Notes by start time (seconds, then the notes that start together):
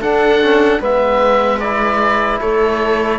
0.00 D4 A4 F#5
0.43 C#4
0.79 G#3 B3 B4 E5
1.60 E4 D5
2.40 A3 A4 C#5